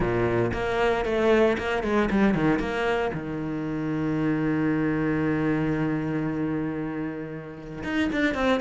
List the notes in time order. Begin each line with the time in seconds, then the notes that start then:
0.00 A#2
0.53 A#3
1.05 A3
1.57 A#3
1.83 G#3
2.10 G3
2.34 D#3
2.59 A#3
3.13 D#3
7.83 D#4
8.12 D4
8.34 C4